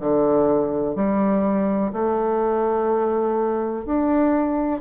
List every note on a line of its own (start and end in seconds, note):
0.00 0.95 D3
0.95 1.92 G3
1.93 3.85 A3
3.85 4.81 D4